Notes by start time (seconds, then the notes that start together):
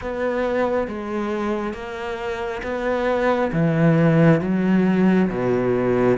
0.01 B3
0.87 G#3
1.73 A#3
2.62 B3
3.52 E3
4.40 F#3
5.29 B2